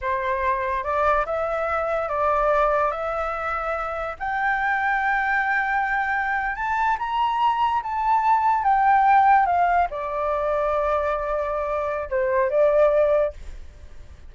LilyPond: \new Staff \with { instrumentName = "flute" } { \time 4/4 \tempo 4 = 144 c''2 d''4 e''4~ | e''4 d''2 e''4~ | e''2 g''2~ | g''2.~ g''8. a''16~ |
a''8. ais''2 a''4~ a''16~ | a''8. g''2 f''4 d''16~ | d''1~ | d''4 c''4 d''2 | }